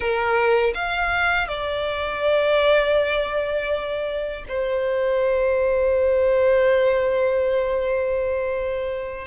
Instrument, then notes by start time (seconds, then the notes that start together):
violin
0.00 A#4
0.74 F5
1.47 D5
4.48 C5